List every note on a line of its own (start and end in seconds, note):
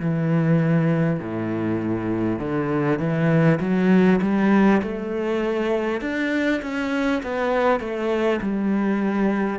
0.00 1.20 E3
1.20 2.39 A2
2.39 2.99 D3
2.99 3.59 E3
3.61 4.21 F#3
4.22 4.82 G3
4.82 6.02 A3
6.02 6.62 D4
6.62 7.22 C#4
7.23 7.80 B3
7.80 8.40 A3
8.42 9.59 G3